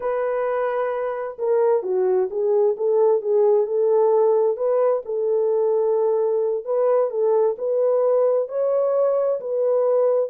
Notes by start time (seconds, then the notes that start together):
0.00 B4
1.38 A#4
1.82 F#4
2.30 G#4
2.76 A4
3.21 G#4
3.66 A4
4.56 B4
5.05 A4
6.64 B4
7.10 A4
7.58 B4
8.48 C#5
9.40 B4